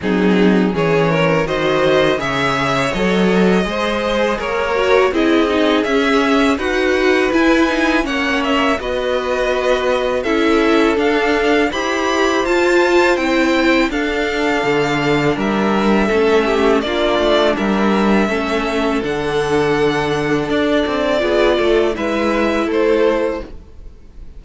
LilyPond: <<
  \new Staff \with { instrumentName = "violin" } { \time 4/4 \tempo 4 = 82 gis'4 cis''4 dis''4 e''4 | dis''2 cis''4 dis''4 | e''4 fis''4 gis''4 fis''8 e''8 | dis''2 e''4 f''4 |
b''4 a''4 g''4 f''4~ | f''4 e''2 d''4 | e''2 fis''2 | d''2 e''4 c''4 | }
  \new Staff \with { instrumentName = "violin" } { \time 4/4 dis'4 gis'8 ais'8 c''4 cis''4~ | cis''4 c''4 ais'4 gis'4~ | gis'4 b'2 cis''4 | b'2 a'2 |
c''2. a'4~ | a'4 ais'4 a'8 g'8 f'4 | ais'4 a'2.~ | a'4 gis'8 a'8 b'4 a'4 | }
  \new Staff \with { instrumentName = "viola" } { \time 4/4 c'4 cis'4 fis'4 gis'4 | a'4 gis'4. fis'8 e'8 dis'8 | cis'4 fis'4 e'8 dis'8 cis'4 | fis'2 e'4 d'4 |
g'4 f'4 e'4 d'4~ | d'2 cis'4 d'4~ | d'4 cis'4 d'2~ | d'4 f'4 e'2 | }
  \new Staff \with { instrumentName = "cello" } { \time 4/4 fis4 e4 dis4 cis4 | fis4 gis4 ais4 c'4 | cis'4 dis'4 e'4 ais4 | b2 cis'4 d'4 |
e'4 f'4 c'4 d'4 | d4 g4 a4 ais8 a8 | g4 a4 d2 | d'8 c'8 b8 a8 gis4 a4 | }
>>